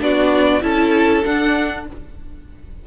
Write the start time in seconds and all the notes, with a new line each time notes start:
0.00 B3 D4 F#4 D5
0.61 C#4 E4 A4 A5
1.24 D4 F#5